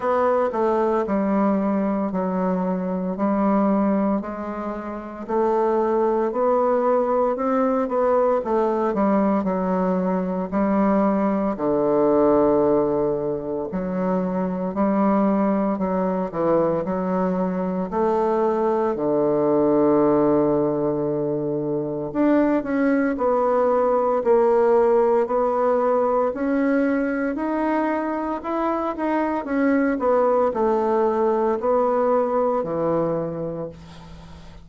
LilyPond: \new Staff \with { instrumentName = "bassoon" } { \time 4/4 \tempo 4 = 57 b8 a8 g4 fis4 g4 | gis4 a4 b4 c'8 b8 | a8 g8 fis4 g4 d4~ | d4 fis4 g4 fis8 e8 |
fis4 a4 d2~ | d4 d'8 cis'8 b4 ais4 | b4 cis'4 dis'4 e'8 dis'8 | cis'8 b8 a4 b4 e4 | }